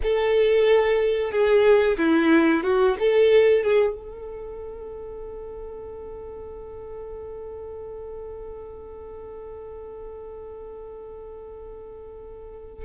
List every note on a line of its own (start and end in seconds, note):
0.02 1.31 A4
1.31 1.97 G#4
1.97 2.63 E4
2.63 2.96 F#4
2.99 3.63 A4
3.63 3.94 G#4
3.94 12.84 A4